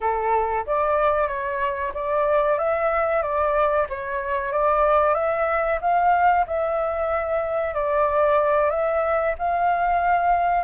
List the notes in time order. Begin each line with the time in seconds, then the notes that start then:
0.00 A4
0.66 D5
1.27 C#5
1.94 D5
2.58 E5
3.22 D5
3.89 C#5
4.52 D5
5.14 E5
5.81 F5
6.46 E5
7.74 D5
8.70 E5
9.38 F5